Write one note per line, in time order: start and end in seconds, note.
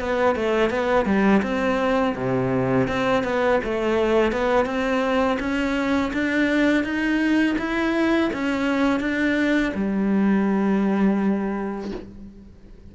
0.00 0.36 B3
0.36 0.70 A3
0.70 1.05 B3
1.05 1.42 G3
1.43 2.15 C4
2.16 2.88 C3
2.88 3.24 C4
3.24 3.60 B3
3.64 4.32 A3
4.32 4.66 B3
4.66 5.38 C4
5.40 6.12 C#4
6.13 6.84 D4
6.84 7.56 D#4
7.58 8.31 E4
8.33 9.00 C#4
9.00 9.73 D4
9.75 11.91 G3